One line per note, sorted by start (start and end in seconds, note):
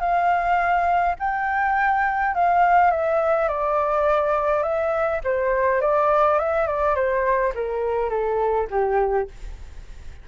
0.00 1.15 F5
1.19 2.35 G5
2.35 2.91 F5
2.91 3.48 E5
3.49 4.63 D5
4.63 5.20 E5
5.24 5.81 C5
5.81 6.39 D5
6.39 6.67 E5
6.67 6.95 D5
6.95 7.53 C5
7.55 8.10 A#4
8.10 8.67 A4
8.70 9.28 G4